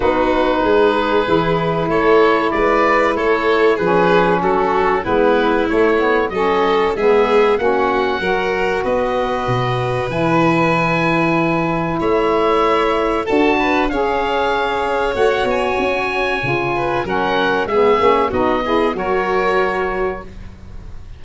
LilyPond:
<<
  \new Staff \with { instrumentName = "oboe" } { \time 4/4 \tempo 4 = 95 b'2. cis''4 | d''4 cis''4 b'4 a'4 | b'4 cis''4 dis''4 e''4 | fis''2 dis''2 |
gis''2. e''4~ | e''4 a''4 f''2 | fis''8 gis''2~ gis''8 fis''4 | e''4 dis''4 cis''2 | }
  \new Staff \with { instrumentName = "violin" } { \time 4/4 fis'4 gis'2 a'4 | b'4 a'4 gis'4 fis'4 | e'2 a'4 gis'4 | fis'4 ais'4 b'2~ |
b'2. cis''4~ | cis''4 a'8 b'8 cis''2~ | cis''2~ cis''8 b'8 ais'4 | gis'4 fis'8 gis'8 ais'2 | }
  \new Staff \with { instrumentName = "saxophone" } { \time 4/4 dis'2 e'2~ | e'2 cis'2 | b4 a8 b8 cis'4 b4 | cis'4 fis'2. |
e'1~ | e'4 fis'4 gis'2 | fis'2 f'4 cis'4 | b8 cis'8 dis'8 e'8 fis'2 | }
  \new Staff \with { instrumentName = "tuba" } { \time 4/4 b4 gis4 e4 a4 | gis4 a4 f4 fis4 | gis4 a4 fis4 gis4 | ais4 fis4 b4 b,4 |
e2. a4~ | a4 d'4 cis'2 | a8 b8 cis'4 cis4 fis4 | gis8 ais8 b4 fis2 | }
>>